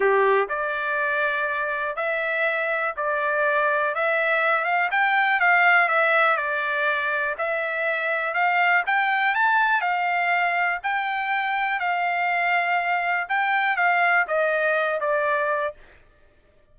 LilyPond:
\new Staff \with { instrumentName = "trumpet" } { \time 4/4 \tempo 4 = 122 g'4 d''2. | e''2 d''2 | e''4. f''8 g''4 f''4 | e''4 d''2 e''4~ |
e''4 f''4 g''4 a''4 | f''2 g''2 | f''2. g''4 | f''4 dis''4. d''4. | }